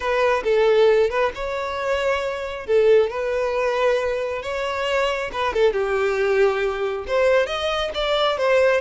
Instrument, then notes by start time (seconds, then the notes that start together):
violin
0.00 B4
0.43 A4
1.09 B4
1.35 C#5
2.66 A4
3.10 B4
4.42 C#5
5.32 B4
5.53 A4
5.72 G4
7.07 C5
7.46 D#5
7.94 D5
8.37 C5